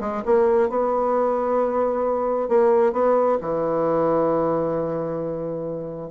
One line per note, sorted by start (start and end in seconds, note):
0.00 0.23 G#3
0.25 0.69 A#3
0.69 2.49 B3
2.49 2.92 A#3
2.92 3.38 B3
3.41 6.10 E3